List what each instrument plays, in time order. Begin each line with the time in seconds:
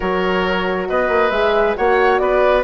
0.00 bassoon F#3, horn F#4, oboe A#4, flute C#5
0.87 bassoon B3, oboe B4, flute D#5
1.08 bassoon A#3
1.30 bassoon G#3, horn G#4, flute E5
1.76 bassoon A#3, horn F#4, oboe C#5, flute F#5
2.18 bassoon B3, oboe B4, flute D5